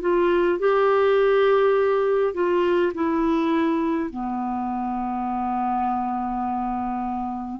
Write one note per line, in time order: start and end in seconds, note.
0.00 0.59 F4
0.59 2.33 G4
2.33 2.92 F4
2.94 4.10 E4
4.10 7.60 B3